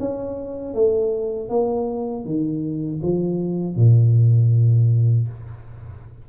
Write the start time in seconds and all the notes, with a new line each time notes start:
0.00 C#4
0.74 A3
1.49 A#3
2.25 D#3
3.03 F3
3.77 A#2